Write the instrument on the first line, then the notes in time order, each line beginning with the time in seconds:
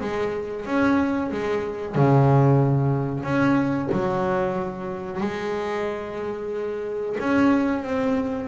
double bass
0.00 G#3
0.65 C#4
1.31 G#3
1.95 C#3
3.23 C#4
3.91 F#3
5.20 G#3
7.19 C#4
7.83 C4